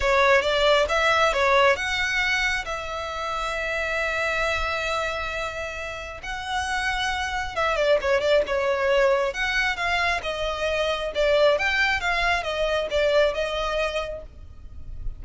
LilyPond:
\new Staff \with { instrumentName = "violin" } { \time 4/4 \tempo 4 = 135 cis''4 d''4 e''4 cis''4 | fis''2 e''2~ | e''1~ | e''2 fis''2~ |
fis''4 e''8 d''8 cis''8 d''8 cis''4~ | cis''4 fis''4 f''4 dis''4~ | dis''4 d''4 g''4 f''4 | dis''4 d''4 dis''2 | }